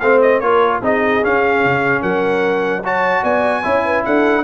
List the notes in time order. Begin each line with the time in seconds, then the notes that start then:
0.00 A3 C4 C5 F5
0.22 D#5
0.40 A#3 F4 A#4 C#5
0.82 C4 D#4 G#4 D#5
1.22 C#4 F5
1.64 C#3
2.02 F#3 A#4 F#5
2.84 F#4 C#5 A5
3.22 B3 D5 G#5
3.63 C#4 E4 C#5
3.85 B4
4.05 D4 A4 F#5